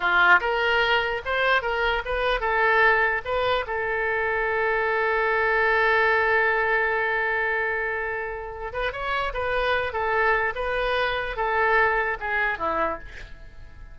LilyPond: \new Staff \with { instrumentName = "oboe" } { \time 4/4 \tempo 4 = 148 f'4 ais'2 c''4 | ais'4 b'4 a'2 | b'4 a'2.~ | a'1~ |
a'1~ | a'4. b'8 cis''4 b'4~ | b'8 a'4. b'2 | a'2 gis'4 e'4 | }